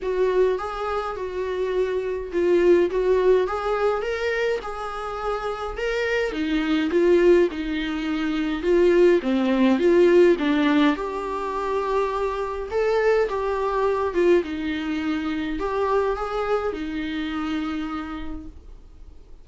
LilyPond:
\new Staff \with { instrumentName = "viola" } { \time 4/4 \tempo 4 = 104 fis'4 gis'4 fis'2 | f'4 fis'4 gis'4 ais'4 | gis'2 ais'4 dis'4 | f'4 dis'2 f'4 |
c'4 f'4 d'4 g'4~ | g'2 a'4 g'4~ | g'8 f'8 dis'2 g'4 | gis'4 dis'2. | }